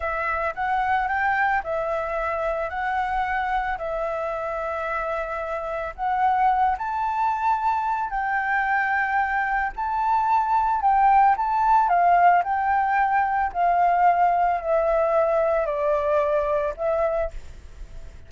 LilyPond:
\new Staff \with { instrumentName = "flute" } { \time 4/4 \tempo 4 = 111 e''4 fis''4 g''4 e''4~ | e''4 fis''2 e''4~ | e''2. fis''4~ | fis''8 a''2~ a''8 g''4~ |
g''2 a''2 | g''4 a''4 f''4 g''4~ | g''4 f''2 e''4~ | e''4 d''2 e''4 | }